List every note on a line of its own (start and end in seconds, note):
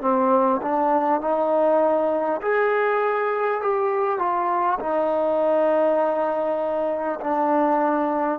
0.00 0.60 C4
0.62 1.20 D4
1.20 2.40 D#4
2.41 3.61 G#4
3.61 4.18 G4
4.18 4.78 F4
4.79 7.19 D#4
7.20 8.39 D4